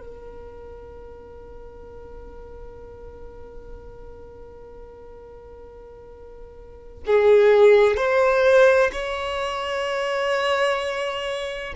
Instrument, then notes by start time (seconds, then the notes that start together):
violin
0.00 A#4
7.06 G#4
7.96 C5
8.92 C#5